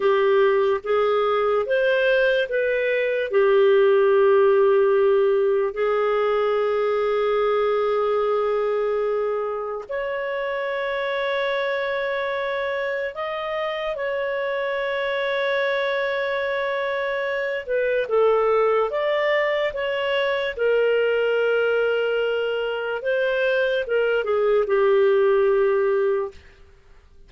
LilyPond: \new Staff \with { instrumentName = "clarinet" } { \time 4/4 \tempo 4 = 73 g'4 gis'4 c''4 b'4 | g'2. gis'4~ | gis'1 | cis''1 |
dis''4 cis''2.~ | cis''4. b'8 a'4 d''4 | cis''4 ais'2. | c''4 ais'8 gis'8 g'2 | }